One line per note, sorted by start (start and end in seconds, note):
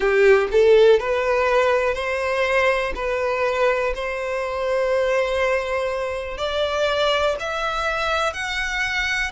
0.00 0.47 G4
0.51 0.99 A4
0.99 1.94 B4
1.94 2.92 C5
2.95 3.93 B4
3.94 6.37 C5
6.37 7.35 D5
7.39 8.33 E5
8.33 9.31 F#5